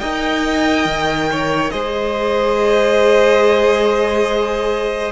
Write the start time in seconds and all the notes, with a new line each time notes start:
0.00 D#4 A#4 D#5 G5
0.85 D#3
1.31 C#5
1.71 G#3 G#4 C5 D#5